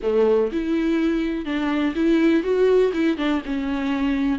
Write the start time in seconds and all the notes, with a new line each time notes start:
0.02 A3
0.51 E4
1.45 D4
1.95 E4
2.43 F#4
2.93 E4
3.17 D4
3.45 C#4